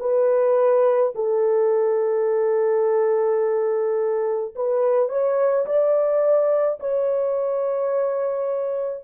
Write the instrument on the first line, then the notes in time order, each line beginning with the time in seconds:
horn
0.00 B4
1.15 A4
4.56 B4
5.09 C#5
5.66 D5
6.80 C#5